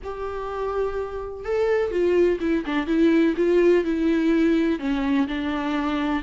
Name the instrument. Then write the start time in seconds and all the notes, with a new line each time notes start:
viola
0.03 G4
1.44 A4
1.91 F4
2.40 E4
2.65 D4
2.86 E4
3.36 F4
3.84 E4
4.79 C#4
5.27 D4